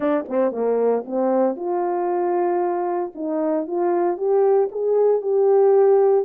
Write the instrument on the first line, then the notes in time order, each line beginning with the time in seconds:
horn
0.00 D4
0.28 C4
0.51 A#3
1.05 C4
1.56 F4
3.14 D#4
3.67 F4
4.17 G4
4.71 G#4
5.21 G4